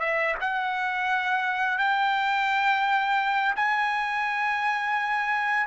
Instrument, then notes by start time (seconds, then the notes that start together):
trumpet
0.00 E5
0.41 F#5
1.78 G5
3.56 G#5